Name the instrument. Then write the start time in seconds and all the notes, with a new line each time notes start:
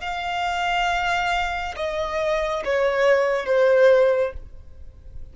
violin
0.00 F5
1.76 D#5
2.64 C#5
3.45 C5